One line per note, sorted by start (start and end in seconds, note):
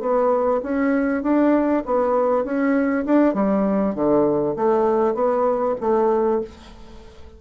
0.00 0.61 B3
0.63 1.23 C#4
1.23 1.83 D4
1.85 2.44 B3
2.44 3.05 C#4
3.06 3.34 D4
3.34 3.94 G3
3.94 4.55 D3
4.56 5.15 A3
5.15 5.75 B3
5.80 6.41 A3